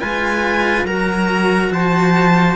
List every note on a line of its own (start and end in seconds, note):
0.00 0.84 G#3
0.00 0.86 F4
0.00 0.87 B4
0.00 0.86 G#5
0.84 1.70 F#3
0.84 2.56 F#4
0.84 1.73 A#4
0.84 1.73 A#5
1.71 2.56 F3
1.71 2.56 C5
1.71 2.56 A5